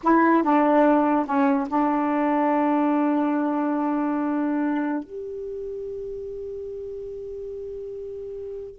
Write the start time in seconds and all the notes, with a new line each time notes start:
0.03 E4
0.43 D4
1.25 C#4
1.67 D4
5.03 G4